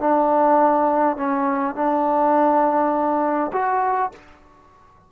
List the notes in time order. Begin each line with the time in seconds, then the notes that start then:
0.00 D4
1.17 C#4
1.75 D4
3.53 F#4